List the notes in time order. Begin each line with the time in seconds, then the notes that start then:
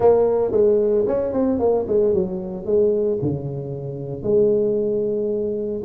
0.00 A#3
0.51 G#3
1.07 C#4
1.32 C4
1.59 A#3
1.87 G#3
2.13 F#3
2.65 G#3
3.22 C#3
4.23 G#3